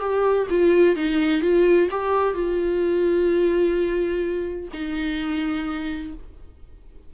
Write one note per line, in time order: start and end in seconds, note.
0.00 0.47 G4
0.50 0.96 F4
0.96 1.42 D#4
1.42 1.89 F4
1.91 2.34 G4
2.34 4.68 F4
4.73 6.14 D#4